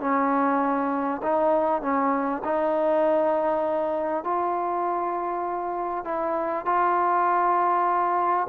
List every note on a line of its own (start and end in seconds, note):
0.00 1.21 C#4
1.22 1.82 D#4
1.82 2.42 C#4
2.44 4.24 D#4
4.24 6.04 F4
6.04 6.65 E4
6.65 8.47 F4